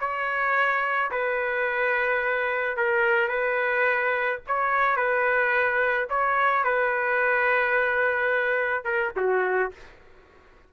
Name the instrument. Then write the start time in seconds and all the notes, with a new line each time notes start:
trumpet
0.00 C#5
1.12 B4
2.77 A#4
3.29 B4
4.47 C#5
4.97 B4
6.10 C#5
6.64 B4
8.85 A#4
9.16 F#4